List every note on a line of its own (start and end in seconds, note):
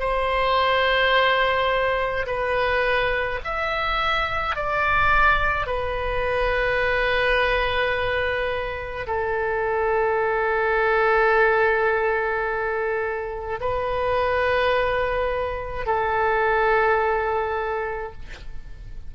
0.00 2.26 C5
2.27 3.40 B4
3.44 4.56 E5
4.56 5.67 D5
5.67 9.07 B4
9.07 13.60 A4
13.61 15.86 B4
15.86 18.13 A4